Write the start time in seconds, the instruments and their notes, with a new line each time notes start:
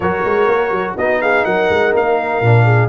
0.00 tuba F#3, trombone F#4, horn A#4, trumpet C#5
0.25 tuba G#3
0.48 tuba A#3
0.71 tuba F#3
0.96 tuba B3, trombone D#4, horn F#4, trumpet D#5
1.21 horn G#4, trumpet F5
1.44 tuba F#3, horn A#4, trumpet F#5
1.69 tuba G#3
1.94 tuba A#3, trumpet F5
2.41 tuba A#2, trombone D4
2.65 horn G#4